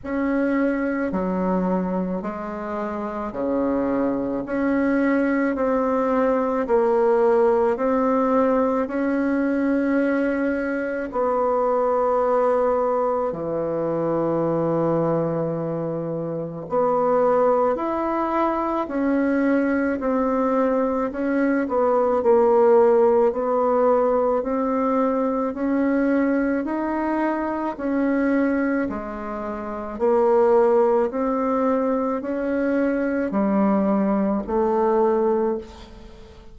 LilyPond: \new Staff \with { instrumentName = "bassoon" } { \time 4/4 \tempo 4 = 54 cis'4 fis4 gis4 cis4 | cis'4 c'4 ais4 c'4 | cis'2 b2 | e2. b4 |
e'4 cis'4 c'4 cis'8 b8 | ais4 b4 c'4 cis'4 | dis'4 cis'4 gis4 ais4 | c'4 cis'4 g4 a4 | }